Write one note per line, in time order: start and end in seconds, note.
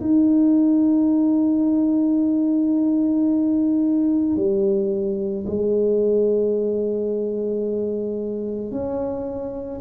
0.00 4.36 D#4
4.36 5.45 G3
5.46 8.71 G#3
8.71 9.80 C#4